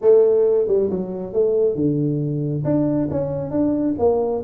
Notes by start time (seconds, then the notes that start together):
0.01 A3
0.67 G3
0.90 F#3
1.33 A3
1.75 D3
2.64 D4
3.10 C#4
3.50 D4
3.98 A#3